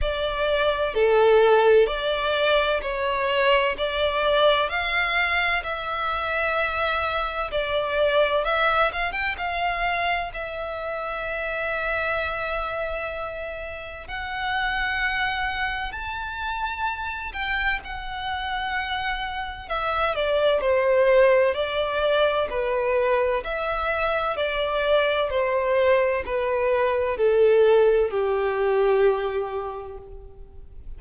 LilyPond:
\new Staff \with { instrumentName = "violin" } { \time 4/4 \tempo 4 = 64 d''4 a'4 d''4 cis''4 | d''4 f''4 e''2 | d''4 e''8 f''16 g''16 f''4 e''4~ | e''2. fis''4~ |
fis''4 a''4. g''8 fis''4~ | fis''4 e''8 d''8 c''4 d''4 | b'4 e''4 d''4 c''4 | b'4 a'4 g'2 | }